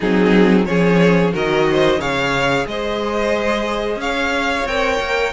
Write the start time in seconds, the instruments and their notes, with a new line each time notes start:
0.00 cello F#3, viola C4, violin D#4 G#4
0.65 cello F3, viola C#4, violin G#4 C#5
1.32 cello D#3, viola F#4, violin A#4 D#5
1.70 violin C5
1.98 cello C#3, viola G#4, violin C#5 F5
2.66 cello G#3, violin C5 D#5
3.96 cello C#4, violin C#5 F5
4.65 cello C4, viola A#4, violin G5
5.00 cello A#3